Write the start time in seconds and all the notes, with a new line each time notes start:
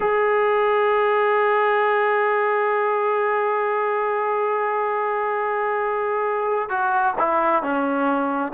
0.00 G#4
6.69 F#4
7.18 E4
7.62 C#4